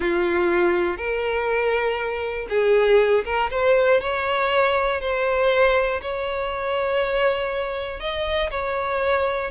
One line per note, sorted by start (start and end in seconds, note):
0.00 0.97 F4
0.97 2.47 A#4
2.49 3.24 G#4
3.25 3.50 A#4
3.50 4.00 C5
4.00 5.00 C#5
5.00 6.00 C5
6.01 8.00 C#5
8.00 8.50 D#5
8.50 9.50 C#5